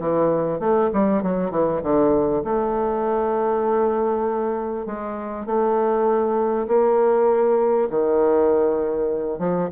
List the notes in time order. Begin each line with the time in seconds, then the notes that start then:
0.00 E3
0.60 A3
0.94 G3
1.23 F#3
1.51 E3
1.83 D3
2.44 A3
4.87 G#3
5.46 A3
6.68 A#3
7.90 D#3
9.39 F3